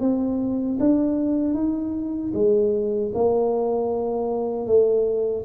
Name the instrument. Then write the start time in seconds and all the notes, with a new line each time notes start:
tuba
0.00 C4
0.80 D4
1.54 D#4
2.34 G#3
3.14 A#3
4.66 A3